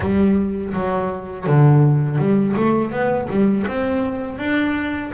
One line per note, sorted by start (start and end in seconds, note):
0.00 0.73 G3
0.73 1.46 F#3
1.46 2.18 D3
2.18 2.54 G3
2.56 2.91 A3
2.91 3.28 B3
3.30 3.66 G3
3.67 4.38 C4
4.38 5.11 D4